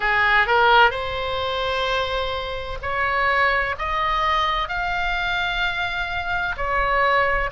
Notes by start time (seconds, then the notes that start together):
0.00 G#4
0.46 A#4
0.90 C5
2.82 C#5
3.78 D#5
4.68 F5
6.56 C#5